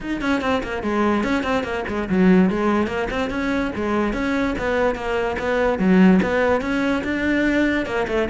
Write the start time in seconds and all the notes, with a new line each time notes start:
0.00 D#4
0.21 C#4
0.41 C4
0.63 A#3
0.83 G#3
1.23 C#4
1.43 C4
1.63 A#3
1.88 G#3
2.09 F#3
2.50 G#3
2.87 A#3
3.10 C4
3.30 C#4
3.75 G#3
4.13 C#4
4.58 B3
4.95 A#3
5.38 B3
5.78 F#3
6.22 B3
6.61 C#4
7.04 D4
7.86 A#3
8.07 A3